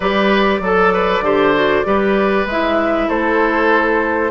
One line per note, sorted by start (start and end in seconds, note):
0.00 0.60 G3
0.00 0.63 G4
0.00 0.60 B4
0.00 2.47 D5
0.60 1.21 F#3
0.60 0.93 A4
0.60 1.24 A4
0.93 1.24 B4
1.21 1.82 D3
1.21 1.54 G4
1.21 1.86 C5
1.54 1.84 F#4
1.84 2.45 G3
1.84 2.46 G4
1.84 3.08 B4
2.45 3.07 G#3
2.45 4.31 E4
2.45 3.09 E5
3.08 4.31 A3
3.08 4.31 A4
3.08 4.31 C5